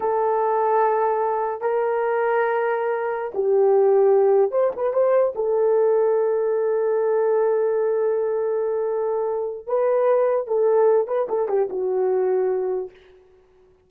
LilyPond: \new Staff \with { instrumentName = "horn" } { \time 4/4 \tempo 4 = 149 a'1 | ais'1~ | ais'16 g'2. c''8 b'16~ | b'16 c''4 a'2~ a'8.~ |
a'1~ | a'1 | b'2 a'4. b'8 | a'8 g'8 fis'2. | }